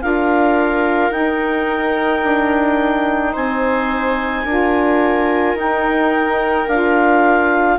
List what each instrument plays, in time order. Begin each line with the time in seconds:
0.00 bassoon D4, saxophone F4, viola A#4, clarinet F5
1.11 bassoon D#4, saxophone D#4, clarinet G5
2.24 bassoon D4
3.33 bassoon C4, viola C5, clarinet G#5
4.44 bassoon D4, saxophone F4, viola A#4
5.55 bassoon D#4, saxophone D#4, clarinet G5
6.67 bassoon D4, saxophone F4, clarinet F5